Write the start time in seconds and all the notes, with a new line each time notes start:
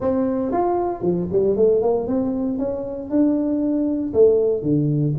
0.00 C4
0.51 F4
1.02 F3
1.31 G3
1.56 A3
1.82 A#3
2.07 C4
2.58 C#4
3.09 D4
4.13 A3
4.62 D3